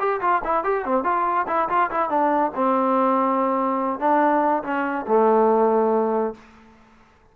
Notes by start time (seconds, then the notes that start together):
0.00 G4
0.21 F4
0.45 E4
0.64 G4
0.86 C4
1.04 F4
1.48 E4
1.70 F4
1.91 E4
2.10 D4
2.55 C4
4.00 D4
4.64 C#4
5.08 A3